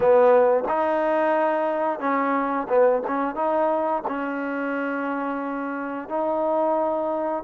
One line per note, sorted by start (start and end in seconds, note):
0.00 0.63 B3
0.68 1.99 D#4
1.99 2.67 C#4
2.68 3.02 B3
3.07 3.35 C#4
3.35 4.02 D#4
4.07 6.08 C#4
6.08 7.43 D#4